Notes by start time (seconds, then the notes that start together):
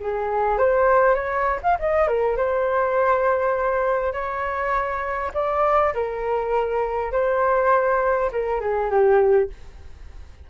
0.00 G#4
0.58 C5
1.15 C#5
1.63 F5
1.79 D#5
2.07 A#4
2.37 C5
4.13 C#5
5.34 D5
5.94 A#4
7.12 C5
8.32 A#4
8.60 G#4
8.90 G4